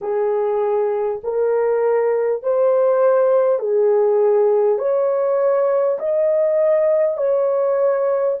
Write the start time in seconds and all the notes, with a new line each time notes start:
0.01 G#4
1.23 A#4
2.42 C5
3.59 G#4
4.78 C#5
5.98 D#5
7.17 C#5